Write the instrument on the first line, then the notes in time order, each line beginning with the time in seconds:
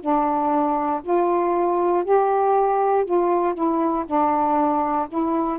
saxophone
0.00 D4
1.03 F4
2.04 G4
3.05 F4
3.54 E4
4.06 D4
5.08 E4